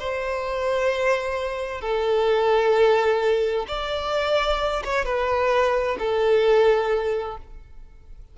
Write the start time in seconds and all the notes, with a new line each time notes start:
0.00 C5
1.82 A4
3.68 D5
4.85 C#5
5.05 B4
5.99 A4